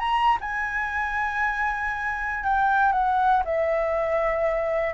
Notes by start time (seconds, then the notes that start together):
0.00 A#5
0.41 G#5
2.44 G5
2.93 F#5
3.45 E5